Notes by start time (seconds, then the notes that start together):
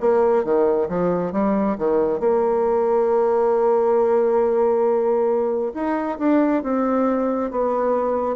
0.00 A#3
0.44 D#3
0.88 F3
1.32 G3
1.78 D#3
2.19 A#3
5.74 D#4
6.18 D4
6.63 C4
7.50 B3